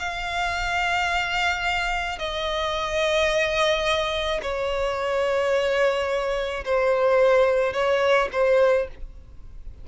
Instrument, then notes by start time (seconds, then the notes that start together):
violin
0.00 F5
2.19 D#5
4.42 C#5
6.65 C5
7.73 C#5
8.32 C5